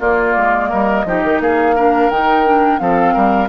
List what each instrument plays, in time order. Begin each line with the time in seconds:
0.00 bassoon A#3, clarinet A#3, oboe F4, flute D5
0.36 bassoon G#3
0.70 bassoon G3, oboe A#4, flute D#5
1.05 bassoon F3, clarinet D#4, oboe G4
1.24 bassoon D#3
1.40 bassoon A#3, oboe G#4, flute F5
1.76 clarinet D4, oboe A#4
2.10 bassoon D#3, clarinet D#4, flute G5
2.46 clarinet D4
2.79 bassoon F3, clarinet C4, oboe A4, flute F5
3.14 bassoon G3, oboe A#4